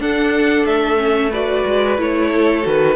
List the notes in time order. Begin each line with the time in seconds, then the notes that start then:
0.00 D4 A4 F#5
0.66 A3 E5
0.97 C#4
1.31 F#4 B4 D5
1.66 G#3
1.98 A3 E4 C#5
2.32 A4
2.63 D#3 F#4 B4